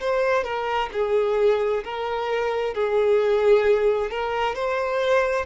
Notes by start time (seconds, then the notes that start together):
0.00 C5
0.44 A#4
0.93 G#4
1.84 A#4
2.74 G#4
4.10 A#4
4.55 C5